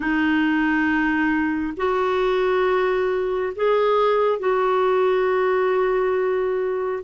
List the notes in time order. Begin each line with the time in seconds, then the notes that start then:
0.00 D#4
1.76 F#4
3.55 G#4
4.39 F#4